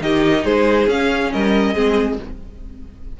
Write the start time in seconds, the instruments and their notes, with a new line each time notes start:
0.00 cello D#3, viola D#4, violin G4 D#5
0.44 cello G#3, violin G#4 C5
0.87 cello C#4, viola C#4, violin F5
1.32 cello G3, violin A#4 D#5
1.74 cello G#3, viola C4, violin G#4